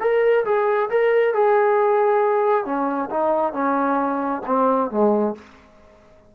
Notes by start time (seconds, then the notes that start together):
0.00 A#4
0.45 G#4
0.89 A#4
1.34 G#4
2.65 C#4
3.10 D#4
3.53 C#4
4.46 C4
4.90 G#3